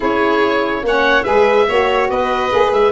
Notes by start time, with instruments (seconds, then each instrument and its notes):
0.00 tuba C#4, saxophone E4, violin G#4, oboe C#5
0.83 tuba A#3, saxophone C#4, violin C#5, oboe F#5
1.23 tuba G#3, saxophone G#4, violin B4, oboe E5
1.68 tuba A#3, saxophone F#4, violin C#5
2.09 tuba B3, violin B4, oboe D#5
2.50 tuba A#3, saxophone G#4
2.72 tuba G#3, oboe E5